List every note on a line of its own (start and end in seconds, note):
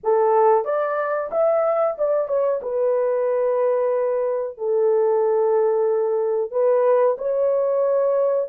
0.03 0.65 A4
0.65 1.30 D5
1.31 1.96 E5
1.98 2.28 D5
2.28 2.60 C#5
2.62 4.57 B4
4.57 6.51 A4
6.51 7.16 B4
7.18 8.48 C#5